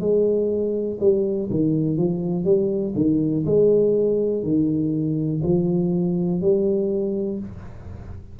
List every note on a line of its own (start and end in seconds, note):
0.00 0.98 G#3
1.00 1.49 G3
1.51 1.98 D#3
1.98 2.45 F3
2.45 2.94 G3
2.96 3.45 D#3
3.46 4.44 G#3
4.44 5.42 D#3
5.43 6.41 F3
6.41 7.39 G3